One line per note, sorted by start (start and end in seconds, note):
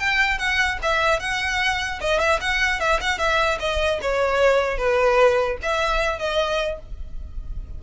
0.00 0.39 G5
0.39 0.79 F#5
0.83 1.20 E5
1.20 2.00 F#5
2.01 2.20 D#5
2.20 2.40 E5
2.41 2.80 F#5
2.80 3.00 E5
3.01 3.19 F#5
3.19 3.59 E5
3.60 4.00 D#5
4.02 4.78 C#5
4.78 5.58 B4
5.63 6.19 E5
6.19 6.79 D#5